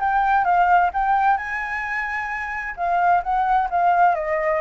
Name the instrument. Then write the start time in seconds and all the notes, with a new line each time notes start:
flute
0.00 G5
0.45 F5
0.93 G5
1.38 G#5
2.76 F5
3.23 F#5
3.70 F5
4.15 D#5